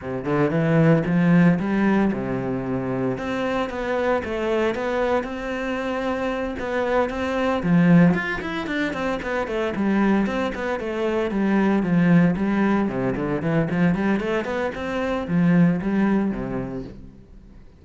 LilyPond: \new Staff \with { instrumentName = "cello" } { \time 4/4 \tempo 4 = 114 c8 d8 e4 f4 g4 | c2 c'4 b4 | a4 b4 c'2~ | c'8 b4 c'4 f4 f'8 |
e'8 d'8 c'8 b8 a8 g4 c'8 | b8 a4 g4 f4 g8~ | g8 c8 d8 e8 f8 g8 a8 b8 | c'4 f4 g4 c4 | }